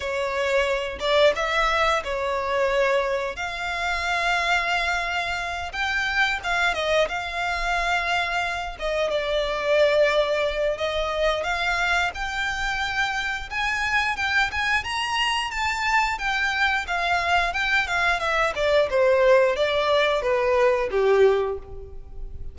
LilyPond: \new Staff \with { instrumentName = "violin" } { \time 4/4 \tempo 4 = 89 cis''4. d''8 e''4 cis''4~ | cis''4 f''2.~ | f''8 g''4 f''8 dis''8 f''4.~ | f''4 dis''8 d''2~ d''8 |
dis''4 f''4 g''2 | gis''4 g''8 gis''8 ais''4 a''4 | g''4 f''4 g''8 f''8 e''8 d''8 | c''4 d''4 b'4 g'4 | }